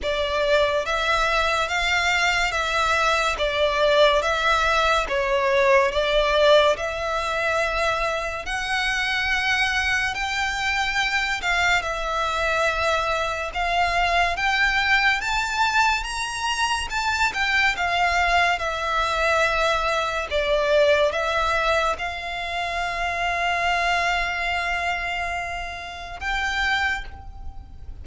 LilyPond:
\new Staff \with { instrumentName = "violin" } { \time 4/4 \tempo 4 = 71 d''4 e''4 f''4 e''4 | d''4 e''4 cis''4 d''4 | e''2 fis''2 | g''4. f''8 e''2 |
f''4 g''4 a''4 ais''4 | a''8 g''8 f''4 e''2 | d''4 e''4 f''2~ | f''2. g''4 | }